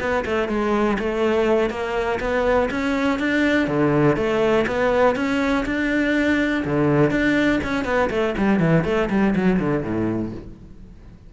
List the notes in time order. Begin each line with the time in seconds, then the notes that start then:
0.00 B3
0.25 A3
0.49 G#3
0.99 A3
1.70 A#3
2.20 B3
2.71 C#4
3.19 D4
3.68 D3
4.17 A3
4.67 B3
5.16 C#4
5.66 D4
6.65 D3
7.11 D4
7.64 C#4
7.85 B3
8.10 A3
8.38 G3
8.60 E3
8.85 A3
9.10 G3
9.36 F#3
9.60 D3
9.83 A2